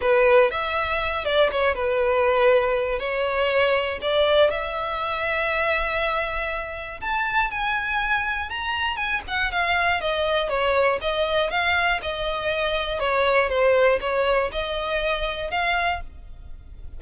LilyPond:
\new Staff \with { instrumentName = "violin" } { \time 4/4 \tempo 4 = 120 b'4 e''4. d''8 cis''8 b'8~ | b'2 cis''2 | d''4 e''2.~ | e''2 a''4 gis''4~ |
gis''4 ais''4 gis''8 fis''8 f''4 | dis''4 cis''4 dis''4 f''4 | dis''2 cis''4 c''4 | cis''4 dis''2 f''4 | }